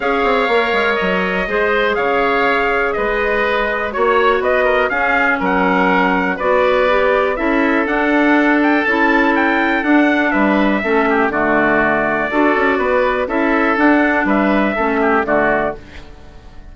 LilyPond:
<<
  \new Staff \with { instrumentName = "trumpet" } { \time 4/4 \tempo 4 = 122 f''2 dis''2 | f''2 dis''2 | cis''4 dis''4 f''4 fis''4~ | fis''4 d''2 e''4 |
fis''4. g''8 a''4 g''4 | fis''4 e''2 d''4~ | d''2. e''4 | fis''4 e''2 d''4 | }
  \new Staff \with { instrumentName = "oboe" } { \time 4/4 cis''2. c''4 | cis''2 b'2 | cis''4 b'8 ais'8 gis'4 ais'4~ | ais'4 b'2 a'4~ |
a'1~ | a'4 b'4 a'8 g'8 fis'4~ | fis'4 a'4 b'4 a'4~ | a'4 b'4 a'8 g'8 fis'4 | }
  \new Staff \with { instrumentName = "clarinet" } { \time 4/4 gis'4 ais'2 gis'4~ | gis'1 | fis'2 cis'2~ | cis'4 fis'4 g'4 e'4 |
d'2 e'2 | d'2 cis'4 a4~ | a4 fis'2 e'4 | d'2 cis'4 a4 | }
  \new Staff \with { instrumentName = "bassoon" } { \time 4/4 cis'8 c'8 ais8 gis8 fis4 gis4 | cis2 gis2 | ais4 b4 cis'4 fis4~ | fis4 b2 cis'4 |
d'2 cis'2 | d'4 g4 a4 d4~ | d4 d'8 cis'8 b4 cis'4 | d'4 g4 a4 d4 | }
>>